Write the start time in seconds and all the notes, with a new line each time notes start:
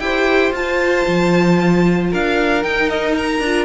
0.00 E4 G4 C5 G5
0.52 F4 A5
1.08 F3
2.11 D4 A#4 F5
2.63 D#4 G5
2.90 D#5
3.18 A#5
3.40 D4 F4